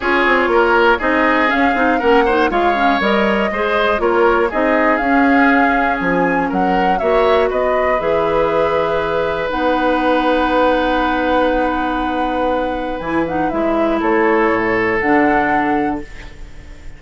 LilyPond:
<<
  \new Staff \with { instrumentName = "flute" } { \time 4/4 \tempo 4 = 120 cis''2 dis''4 f''4 | fis''4 f''4 dis''2 | cis''4 dis''4 f''2 | gis''4 fis''4 e''4 dis''4 |
e''2. fis''4~ | fis''1~ | fis''2 gis''8 fis''8 e''4 | cis''2 fis''2 | }
  \new Staff \with { instrumentName = "oboe" } { \time 4/4 gis'4 ais'4 gis'2 | ais'8 c''8 cis''2 c''4 | ais'4 gis'2.~ | gis'4 ais'4 cis''4 b'4~ |
b'1~ | b'1~ | b'1 | a'1 | }
  \new Staff \with { instrumentName = "clarinet" } { \time 4/4 f'2 dis'4 cis'8 dis'8 | cis'8 dis'8 f'8 cis'8 ais'4 gis'4 | f'4 dis'4 cis'2~ | cis'2 fis'2 |
gis'2. dis'4~ | dis'1~ | dis'2 e'8 dis'8 e'4~ | e'2 d'2 | }
  \new Staff \with { instrumentName = "bassoon" } { \time 4/4 cis'8 c'8 ais4 c'4 cis'8 c'8 | ais4 gis4 g4 gis4 | ais4 c'4 cis'2 | f4 fis4 ais4 b4 |
e2. b4~ | b1~ | b2 e4 gis4 | a4 a,4 d2 | }
>>